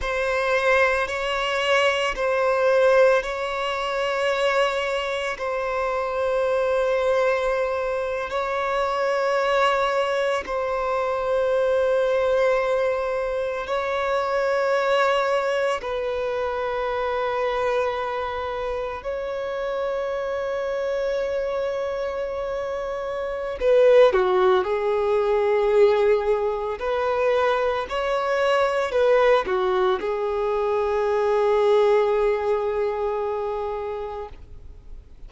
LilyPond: \new Staff \with { instrumentName = "violin" } { \time 4/4 \tempo 4 = 56 c''4 cis''4 c''4 cis''4~ | cis''4 c''2~ c''8. cis''16~ | cis''4.~ cis''16 c''2~ c''16~ | c''8. cis''2 b'4~ b'16~ |
b'4.~ b'16 cis''2~ cis''16~ | cis''2 b'8 fis'8 gis'4~ | gis'4 b'4 cis''4 b'8 fis'8 | gis'1 | }